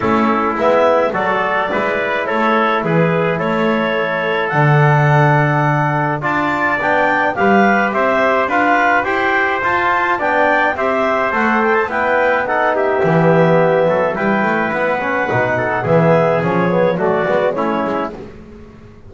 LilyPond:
<<
  \new Staff \with { instrumentName = "clarinet" } { \time 4/4 \tempo 4 = 106 a'4 e''4 d''2 | cis''4 b'4 cis''2 | fis''2. a''4 | g''4 f''4 e''4 f''4 |
g''4 a''4 g''4 e''4 | fis''8 g''16 a''16 g''4 fis''8 e''4.~ | e''4 g''4 fis''2 | e''4 cis''4 d''4 cis''4 | }
  \new Staff \with { instrumentName = "trumpet" } { \time 4/4 e'2 a'4 b'4 | a'4 gis'4 a'2~ | a'2. d''4~ | d''4 b'4 c''4 b'4 |
c''2 d''4 c''4~ | c''4 b'4 a'8 g'4.~ | g'8 a'8 b'2~ b'8 a'8 | gis'2 fis'4 e'4 | }
  \new Staff \with { instrumentName = "trombone" } { \time 4/4 cis'4 b4 fis'4 e'4~ | e'1 | d'2. f'4 | d'4 g'2 f'4 |
g'4 f'4 d'4 g'4 | a'4 e'4 dis'4 b4~ | b4 e'4. cis'8 dis'4 | b4 cis'8 b8 a8 b8 cis'4 | }
  \new Staff \with { instrumentName = "double bass" } { \time 4/4 a4 gis4 fis4 gis4 | a4 e4 a2 | d2. d'4 | b4 g4 c'4 d'4 |
e'4 f'4 b4 c'4 | a4 b2 e4~ | e8 fis8 g8 a8 b4 b,4 | e4 f4 fis8 gis8 a8 gis8 | }
>>